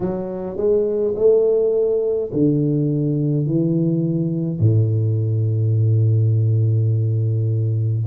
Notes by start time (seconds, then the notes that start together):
0.00 F#3
0.56 G#3
1.15 A3
2.32 D3
3.46 E3
4.59 A2